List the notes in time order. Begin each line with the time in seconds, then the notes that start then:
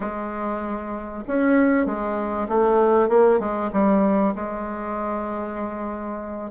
0.00 G#3
1.27 C#4
1.86 G#3
2.48 A3
3.08 A#3
3.39 G#3
3.72 G3
4.35 G#3